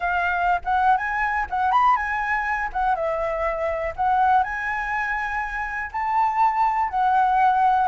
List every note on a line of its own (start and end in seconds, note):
0.00 0.60 F5
0.64 0.97 F#5
0.97 1.46 G#5
1.50 1.71 F#5
1.71 1.95 B5
1.95 2.69 G#5
2.72 2.95 F#5
2.95 3.93 E5
3.96 4.43 F#5
4.43 5.90 G#5
5.92 6.89 A5
6.89 7.88 F#5